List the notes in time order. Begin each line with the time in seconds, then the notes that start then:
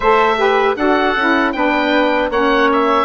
0.00 A3 A4 C5 E5
0.37 G4 B4
0.75 D4 F#4 A4 F#5
1.16 C#4 E4
1.52 B3 D4 B4 G5
2.29 A#3 C#4 C#5 F#5
2.72 E5